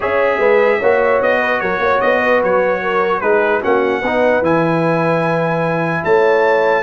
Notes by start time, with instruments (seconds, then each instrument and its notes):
0.00 tuba C#4, trombone G#4, horn C#5, trumpet E5
0.38 tuba G#3, horn B4
0.79 tuba A#3, trombone F#4, horn C#5
1.21 tuba B3, trumpet D#5
1.40 horn B4
1.60 tuba F#3, horn A#4, trumpet C#5
1.79 tuba A#3, horn C#5
2.01 tuba B3, trumpet D#5
2.20 horn B4
2.43 tuba F#3, trumpet C#5
2.81 horn A#4
3.21 tuba G#3, trombone D#4, horn G#4, trumpet B4
3.61 tuba A#3, trombone C#4, horn F#4, trumpet F#5
4.00 tuba B3, trombone D#4, horn B4
4.41 tuba E3, trombone E4, trumpet G#5
6.04 tuba A3, horn C#5, trumpet A5